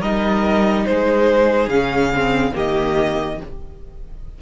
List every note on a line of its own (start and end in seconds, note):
0.00 0.86 G3
0.00 1.71 D#4
0.00 0.85 A#4
0.00 0.86 D#5
0.86 1.68 G#3
0.86 2.54 G#4
0.86 1.69 C5
1.68 2.52 C#3
1.68 2.14 C#4
1.68 2.54 F5
2.14 2.52 C4
2.52 3.41 D#3
2.52 3.37 A#3
2.52 3.39 G4
2.52 3.42 D#5